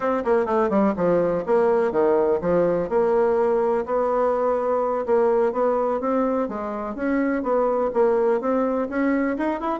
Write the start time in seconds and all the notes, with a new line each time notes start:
0.00 C4
0.24 A#3
0.45 A3
0.69 G3
0.96 F3
1.46 A#3
1.91 D#3
2.41 F3
2.89 A#3
3.85 B3
5.05 A#3
5.52 B3
6.00 C4
6.48 G#3
6.95 C#4
7.42 B3
7.93 A#3
8.40 C4
8.89 C#4
9.37 D#4
9.60 E4